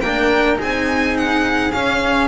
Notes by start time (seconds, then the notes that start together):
0.00 A#3 D4 A#4 G5
0.56 C4 D#4 G#4 G#5
1.17 F#5
1.72 C#4 F5